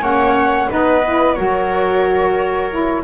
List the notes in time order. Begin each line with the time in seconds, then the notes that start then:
0.00 A#3 C#4 C#5 F#5
0.69 B3 D#4 B4 D#5
1.05 E4
1.34 F#3 F#4 A#4 C#5
2.71 E4